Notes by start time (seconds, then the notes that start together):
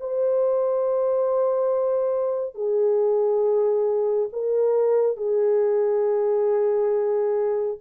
0.00 C5
2.55 G#4
4.32 A#4
5.17 G#4